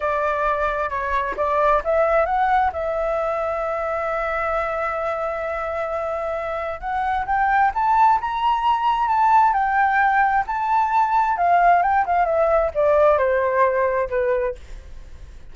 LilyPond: \new Staff \with { instrumentName = "flute" } { \time 4/4 \tempo 4 = 132 d''2 cis''4 d''4 | e''4 fis''4 e''2~ | e''1~ | e''2. fis''4 |
g''4 a''4 ais''2 | a''4 g''2 a''4~ | a''4 f''4 g''8 f''8 e''4 | d''4 c''2 b'4 | }